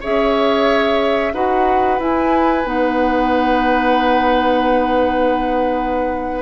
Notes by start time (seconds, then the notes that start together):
0.00 C#4 G#4 C#5 E5
1.33 D#4 F#4 B4 F#5
1.98 E4 G#5
2.63 B3 D#4 F#5